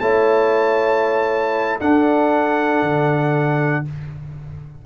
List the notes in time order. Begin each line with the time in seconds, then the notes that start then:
0.00 A3 E4 C#5 A5
1.80 D4 A4 F#5
2.82 D3